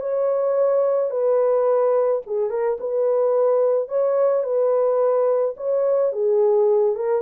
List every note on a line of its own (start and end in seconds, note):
0.00 1.10 C#5
1.10 2.21 B4
2.26 2.50 G#4
2.50 2.78 A#4
2.80 3.88 B4
3.88 4.43 C#5
4.43 5.55 B4
5.56 6.12 C#5
6.12 6.95 G#4
6.95 7.21 A#4